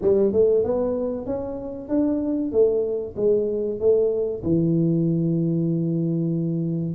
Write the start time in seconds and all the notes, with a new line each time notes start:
0.01 G3
0.32 A3
0.64 B3
1.26 C#4
1.89 D4
2.52 A3
3.16 G#3
3.79 A3
4.43 E3